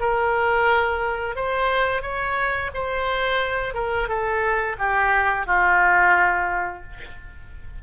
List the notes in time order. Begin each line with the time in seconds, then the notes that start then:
0.00 A#4
1.35 C5
2.02 C#5
2.74 C5
3.74 A#4
4.08 A4
4.79 G4
5.46 F4